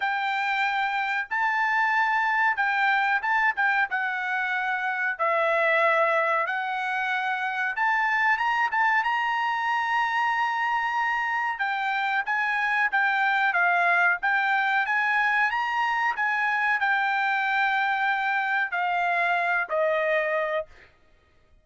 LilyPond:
\new Staff \with { instrumentName = "trumpet" } { \time 4/4 \tempo 4 = 93 g''2 a''2 | g''4 a''8 g''8 fis''2 | e''2 fis''2 | a''4 ais''8 a''8 ais''2~ |
ais''2 g''4 gis''4 | g''4 f''4 g''4 gis''4 | ais''4 gis''4 g''2~ | g''4 f''4. dis''4. | }